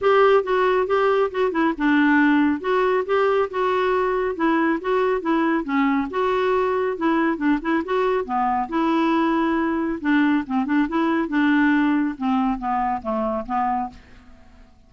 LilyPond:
\new Staff \with { instrumentName = "clarinet" } { \time 4/4 \tempo 4 = 138 g'4 fis'4 g'4 fis'8 e'8 | d'2 fis'4 g'4 | fis'2 e'4 fis'4 | e'4 cis'4 fis'2 |
e'4 d'8 e'8 fis'4 b4 | e'2. d'4 | c'8 d'8 e'4 d'2 | c'4 b4 a4 b4 | }